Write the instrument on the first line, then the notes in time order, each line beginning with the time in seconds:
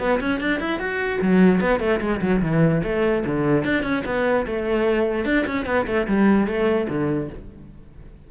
cello
0.00 B3
0.21 C#4
0.41 D4
0.60 E4
0.80 F#4
1.22 F#3
1.61 B3
1.80 A3
2.01 G#3
2.21 F#3
2.42 E3
2.84 A3
3.26 D3
3.64 D4
3.83 C#4
4.06 B3
4.47 A3
5.25 D4
5.47 C#4
5.66 B3
5.87 A3
6.08 G3
6.47 A3
6.89 D3